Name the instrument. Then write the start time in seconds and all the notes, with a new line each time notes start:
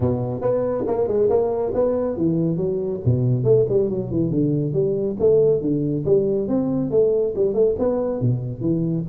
tuba
0.00 B2
0.41 B3
0.87 A#3
1.07 G#3
1.29 A#3
1.74 B3
2.17 E3
2.56 F#3
3.05 B2
3.44 A3
3.69 G3
3.89 F#3
4.10 E3
4.30 D3
4.73 G3
5.19 A3
5.61 D3
6.05 G3
6.47 C4
6.91 A3
7.35 G3
7.54 A3
7.78 B3
8.20 B2
8.60 E3